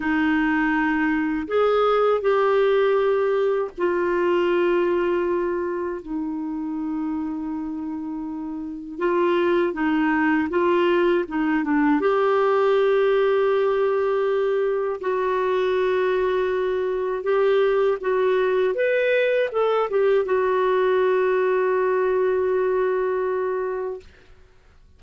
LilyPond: \new Staff \with { instrumentName = "clarinet" } { \time 4/4 \tempo 4 = 80 dis'2 gis'4 g'4~ | g'4 f'2. | dis'1 | f'4 dis'4 f'4 dis'8 d'8 |
g'1 | fis'2. g'4 | fis'4 b'4 a'8 g'8 fis'4~ | fis'1 | }